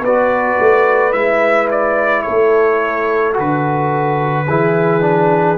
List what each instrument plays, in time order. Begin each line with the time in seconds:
0.00 tuba B3, trombone F#4, horn B4, trumpet D5
0.59 tuba A3
1.12 tuba G#3, trombone E4, trumpet E5
1.71 trumpet D5
2.22 tuba A3, horn A4, trumpet C#5
3.33 tuba D3, trombone F#4, trumpet B4
4.47 tuba E3, trombone E4, horn G#4
5.00 trombone D4